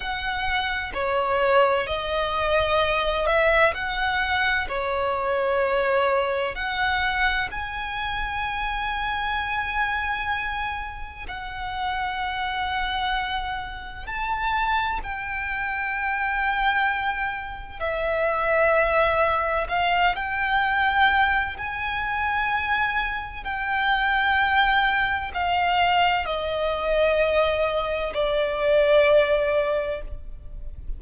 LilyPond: \new Staff \with { instrumentName = "violin" } { \time 4/4 \tempo 4 = 64 fis''4 cis''4 dis''4. e''8 | fis''4 cis''2 fis''4 | gis''1 | fis''2. a''4 |
g''2. e''4~ | e''4 f''8 g''4. gis''4~ | gis''4 g''2 f''4 | dis''2 d''2 | }